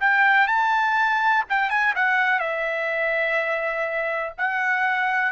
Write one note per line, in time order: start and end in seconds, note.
0.00 0.47 G5
0.47 1.44 A5
1.49 1.69 G5
1.69 1.94 G#5
1.95 2.39 F#5
2.39 4.33 E5
4.37 5.32 F#5